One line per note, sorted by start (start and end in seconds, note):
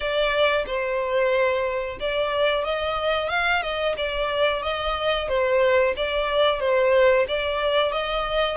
0.00 0.64 D5
0.66 1.98 C5
2.00 2.64 D5
2.64 3.29 D#5
3.29 3.62 F5
3.62 3.95 D#5
3.97 4.62 D5
4.62 5.28 D#5
5.28 5.94 C5
5.96 6.60 D5
6.60 7.26 C5
7.27 7.92 D5
7.92 8.57 D#5